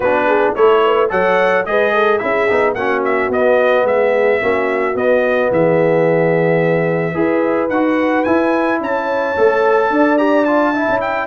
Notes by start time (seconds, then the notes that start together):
0.00 B3 D4 F#4 B4
0.27 G#4
0.55 A3 E4 A4 C#5
0.85 B4
1.09 F#3 A4 C#5 F#5
1.65 G#3 G#4 B4 D#5
1.93 A4
2.18 C#4 E4 G#4 E5
2.48 B3 D#4
2.74 A#3 C#4 F#4 F#5
3.04 E5
3.29 B3 D#5
3.84 G#3 G#4 E5
4.40 A#3 C#4 F#4
4.93 B3 D#5
5.51 E3 G#4 E5
7.14 E4 G#4 B4
7.69 D#4 F#4 F#5
8.24 E4 G#5
8.80 C#4 C#5 A5
9.36 A3 A4
9.89 D4 D5
10.18 G4 A#5
10.44 F4 A5
10.73 E4 E5
10.88 C#4
11.01 G5